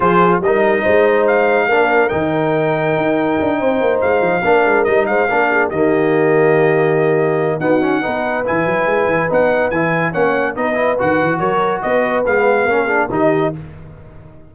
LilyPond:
<<
  \new Staff \with { instrumentName = "trumpet" } { \time 4/4 \tempo 4 = 142 c''4 dis''2 f''4~ | f''4 g''2.~ | g''4. f''2 dis''8 | f''4. dis''2~ dis''8~ |
dis''2 fis''2 | gis''2 fis''4 gis''4 | fis''4 dis''4 fis''4 cis''4 | dis''4 f''2 dis''4 | }
  \new Staff \with { instrumentName = "horn" } { \time 4/4 gis'4 ais'4 c''2 | ais'1~ | ais'8 c''2 ais'4. | c''8 ais'8 gis'8 g'2~ g'8~ |
g'2 fis'4 b'4~ | b'1 | cis''4 b'2 ais'4 | b'2 ais'8 gis'8 g'4 | }
  \new Staff \with { instrumentName = "trombone" } { \time 4/4 f'4 dis'2. | d'4 dis'2.~ | dis'2~ dis'8 d'4 dis'8~ | dis'8 d'4 ais2~ ais8~ |
ais2 b8 cis'8 dis'4 | e'2 dis'4 e'4 | cis'4 dis'8 e'8 fis'2~ | fis'4 b4 cis'8 d'8 dis'4 | }
  \new Staff \with { instrumentName = "tuba" } { \time 4/4 f4 g4 gis2 | ais4 dis2 dis'4 | d'8 c'8 ais8 gis8 f8 ais8 gis8 g8 | gis8 ais4 dis2~ dis8~ |
dis2 dis'4 b4 | e8 fis8 gis8 e8 b4 e4 | ais4 b4 dis8 e8 fis4 | b4 gis4 ais4 dis4 | }
>>